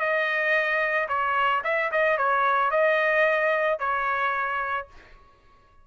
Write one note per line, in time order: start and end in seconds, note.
0.00 1.08 D#5
1.09 1.63 C#5
1.65 1.92 E5
1.92 2.18 D#5
2.18 2.71 C#5
2.71 3.79 D#5
3.80 4.88 C#5